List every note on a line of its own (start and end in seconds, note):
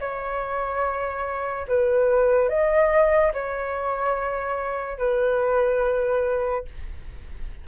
0.00 1.67 C#5
1.68 2.49 B4
2.49 3.33 D#5
3.34 4.98 C#5
4.98 6.65 B4